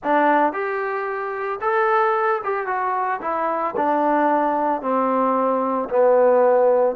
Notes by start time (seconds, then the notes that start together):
0.03 D4
0.52 G4
1.61 A4
2.44 G4
2.66 F#4
3.21 E4
3.76 D4
4.81 C4
5.89 B3